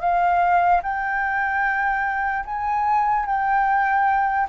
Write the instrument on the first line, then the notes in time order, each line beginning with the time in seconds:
flute
0.00 F5
0.82 G5
2.45 G#5
3.25 G5